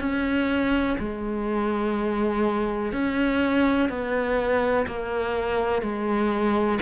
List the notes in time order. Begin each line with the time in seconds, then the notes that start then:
0.00 C#4
0.99 G#3
2.93 C#4
3.90 B3
4.87 A#3
5.82 G#3